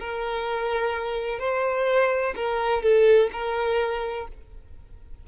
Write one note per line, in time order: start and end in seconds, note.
0.00 1.39 A#4
1.39 2.35 C5
2.36 2.83 A#4
2.83 3.30 A4
3.33 4.28 A#4